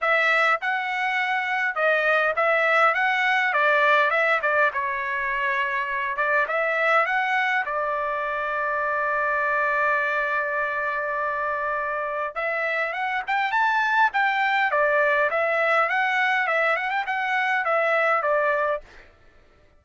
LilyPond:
\new Staff \with { instrumentName = "trumpet" } { \time 4/4 \tempo 4 = 102 e''4 fis''2 dis''4 | e''4 fis''4 d''4 e''8 d''8 | cis''2~ cis''8 d''8 e''4 | fis''4 d''2.~ |
d''1~ | d''4 e''4 fis''8 g''8 a''4 | g''4 d''4 e''4 fis''4 | e''8 fis''16 g''16 fis''4 e''4 d''4 | }